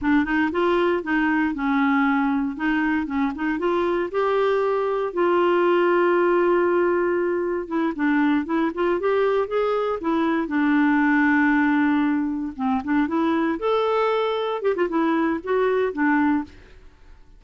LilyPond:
\new Staff \with { instrumentName = "clarinet" } { \time 4/4 \tempo 4 = 117 d'8 dis'8 f'4 dis'4 cis'4~ | cis'4 dis'4 cis'8 dis'8 f'4 | g'2 f'2~ | f'2. e'8 d'8~ |
d'8 e'8 f'8 g'4 gis'4 e'8~ | e'8 d'2.~ d'8~ | d'8 c'8 d'8 e'4 a'4.~ | a'8 g'16 f'16 e'4 fis'4 d'4 | }